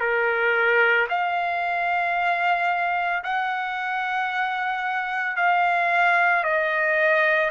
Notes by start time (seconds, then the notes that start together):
0.00 A#4
1.09 F5
3.24 F#5
5.37 F5
6.44 D#5